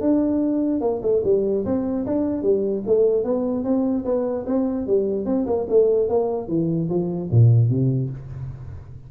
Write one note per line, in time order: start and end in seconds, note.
0.00 0.81 D4
0.81 1.01 A#3
1.02 1.22 A3
1.24 1.64 G3
1.65 2.05 C4
2.05 2.42 D4
2.42 2.83 G3
2.86 3.24 A3
3.24 3.63 B3
3.63 4.04 C4
4.04 4.45 B3
4.46 4.86 C4
4.86 5.25 G3
5.25 5.46 C4
5.46 5.66 A#3
5.69 6.09 A3
6.09 6.48 A#3
6.48 6.88 E3
6.89 7.29 F3
7.31 7.69 A#2
7.69 8.10 C3